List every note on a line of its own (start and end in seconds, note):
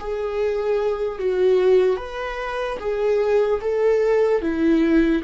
0.00 1.19 G#4
1.19 1.97 F#4
1.97 2.78 B4
2.79 3.60 G#4
3.61 4.42 A4
4.42 5.23 E4